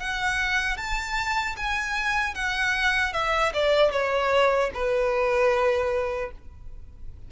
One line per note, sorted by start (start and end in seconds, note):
0.00 0.78 F#5
0.78 1.56 A5
1.57 2.35 G#5
2.35 3.13 F#5
3.13 3.53 E5
3.54 3.92 D5
3.92 4.71 C#5
4.74 6.32 B4